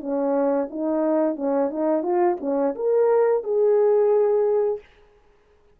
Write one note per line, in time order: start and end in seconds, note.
0.00 0.68 C#4
0.70 1.35 D#4
1.35 1.70 C#4
1.70 2.02 D#4
2.02 2.36 F4
2.40 2.74 C#4
2.75 3.43 A#4
3.43 4.79 G#4